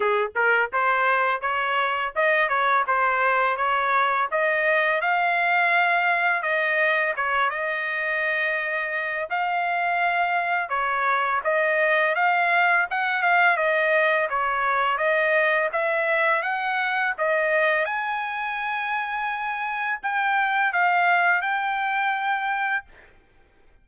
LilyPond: \new Staff \with { instrumentName = "trumpet" } { \time 4/4 \tempo 4 = 84 gis'8 ais'8 c''4 cis''4 dis''8 cis''8 | c''4 cis''4 dis''4 f''4~ | f''4 dis''4 cis''8 dis''4.~ | dis''4 f''2 cis''4 |
dis''4 f''4 fis''8 f''8 dis''4 | cis''4 dis''4 e''4 fis''4 | dis''4 gis''2. | g''4 f''4 g''2 | }